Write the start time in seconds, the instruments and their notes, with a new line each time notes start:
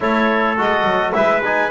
0.00 double bass A3, trombone E4, trumpet A4, clarinet C#5
0.57 double bass G#3, trombone F#4, clarinet D#5
0.84 double bass F#3
1.12 double bass G#3, trombone E4, trumpet B4, clarinet E5
1.44 trombone D#4, clarinet G#5